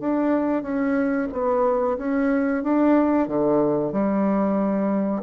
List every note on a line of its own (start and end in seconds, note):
0.00 0.63 D4
0.63 1.28 C#4
1.32 1.97 B3
1.98 2.63 C#4
2.63 3.28 D4
3.28 3.92 D3
3.92 5.23 G3